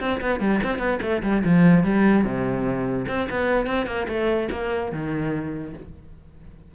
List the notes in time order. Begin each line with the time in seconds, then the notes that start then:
0.00 C4
0.21 B3
0.40 G3
0.63 C4
0.78 B3
1.02 A3
1.22 G3
1.44 F3
1.84 G3
2.24 C3
3.08 C4
3.30 B3
3.66 C4
3.86 A#3
4.08 A3
4.51 A#3
4.92 D#3